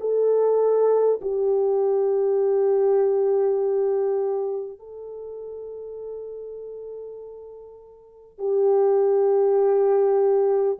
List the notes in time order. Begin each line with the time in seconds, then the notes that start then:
0.00 A4
1.22 G4
4.79 A4
8.39 G4